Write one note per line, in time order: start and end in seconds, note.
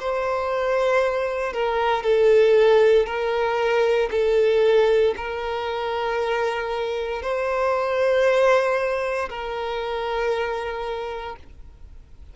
0.00 1.53 C5
1.53 2.03 A#4
2.03 3.06 A4
3.06 4.09 A#4
4.11 5.14 A4
5.16 7.22 A#4
7.22 9.29 C5
9.29 11.36 A#4